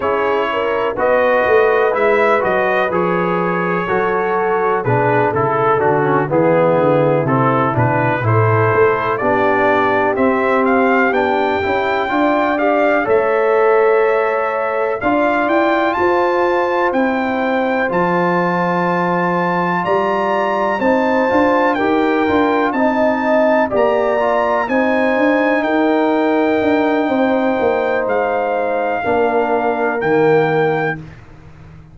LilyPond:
<<
  \new Staff \with { instrumentName = "trumpet" } { \time 4/4 \tempo 4 = 62 cis''4 dis''4 e''8 dis''8 cis''4~ | cis''4 b'8 a'8 fis'8 gis'4 a'8 | b'8 c''4 d''4 e''8 f''8 g''8~ | g''4 f''8 e''2 f''8 |
g''8 a''4 g''4 a''4.~ | a''8 ais''4 a''4 g''4 a''8~ | a''8 ais''4 gis''4 g''4.~ | g''4 f''2 g''4 | }
  \new Staff \with { instrumentName = "horn" } { \time 4/4 gis'8 ais'8 b'2. | a'4 gis'8 a'4 e'4.~ | e'8 a'4 g'2~ g'8~ | g'8 d''4 cis''2 d''8~ |
d''8 c''2.~ c''8~ | c''8 d''4 c''4 ais'4 dis''8~ | dis''8 d''4 c''4 ais'4. | c''2 ais'2 | }
  \new Staff \with { instrumentName = "trombone" } { \time 4/4 e'4 fis'4 e'8 fis'8 gis'4 | fis'4 d'8 e'8 d'16 cis'16 b4 c'8 | d'8 e'4 d'4 c'4 d'8 | e'8 f'8 g'8 a'2 f'8~ |
f'4. e'4 f'4.~ | f'4. dis'8 f'8 g'8 f'8 dis'8~ | dis'8 g'8 f'8 dis'2~ dis'8~ | dis'2 d'4 ais4 | }
  \new Staff \with { instrumentName = "tuba" } { \time 4/4 cis'4 b8 a8 gis8 fis8 f4 | fis4 b,8 cis8 d8 e8 d8 c8 | b,8 a,8 a8 b4 c'4 b8 | cis'8 d'4 a2 d'8 |
e'8 f'4 c'4 f4.~ | f8 g4 c'8 d'8 dis'8 d'8 c'8~ | c'8 ais4 c'8 d'8 dis'4 d'8 | c'8 ais8 gis4 ais4 dis4 | }
>>